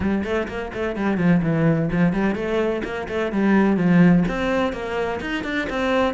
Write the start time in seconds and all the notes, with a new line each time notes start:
0.00 G3
0.24 A3
0.47 A#3
0.73 A3
0.96 G3
1.17 F3
1.42 E3
1.91 F3
2.13 G3
2.35 A3
2.84 A#3
3.08 A3
3.32 G3
3.76 F3
4.28 C4
4.72 A#3
5.21 D#4
5.43 D4
5.69 C4